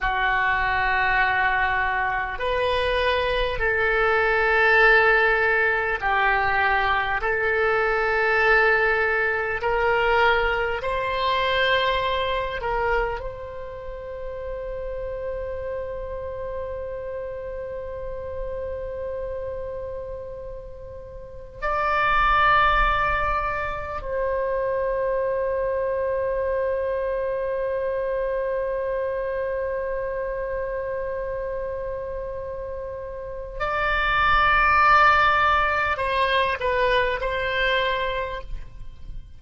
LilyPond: \new Staff \with { instrumentName = "oboe" } { \time 4/4 \tempo 4 = 50 fis'2 b'4 a'4~ | a'4 g'4 a'2 | ais'4 c''4. ais'8 c''4~ | c''1~ |
c''2 d''2 | c''1~ | c''1 | d''2 c''8 b'8 c''4 | }